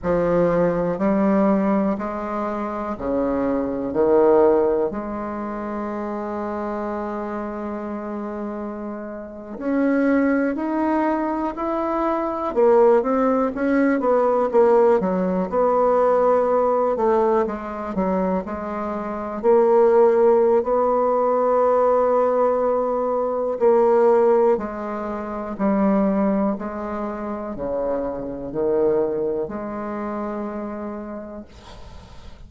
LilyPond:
\new Staff \with { instrumentName = "bassoon" } { \time 4/4 \tempo 4 = 61 f4 g4 gis4 cis4 | dis4 gis2.~ | gis4.~ gis16 cis'4 dis'4 e'16~ | e'8. ais8 c'8 cis'8 b8 ais8 fis8 b16~ |
b4~ b16 a8 gis8 fis8 gis4 ais16~ | ais4 b2. | ais4 gis4 g4 gis4 | cis4 dis4 gis2 | }